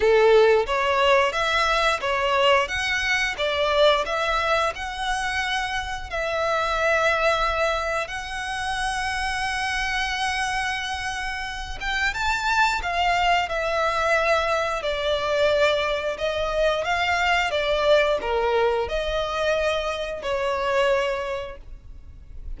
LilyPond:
\new Staff \with { instrumentName = "violin" } { \time 4/4 \tempo 4 = 89 a'4 cis''4 e''4 cis''4 | fis''4 d''4 e''4 fis''4~ | fis''4 e''2. | fis''1~ |
fis''4. g''8 a''4 f''4 | e''2 d''2 | dis''4 f''4 d''4 ais'4 | dis''2 cis''2 | }